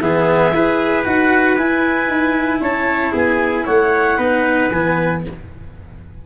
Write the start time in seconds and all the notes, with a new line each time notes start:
0.00 E3 B3 G#4 E5
0.53 E4 G#4 B4
1.05 D#4 F#4 F#5
1.57 E4 G#5
2.08 D#4
2.61 C#4 C#5 A5
3.12 B3 G#4 G#5
3.65 A3 C#5 F#5
4.17 B3 D#4 B4
4.71 E3 B3 G#5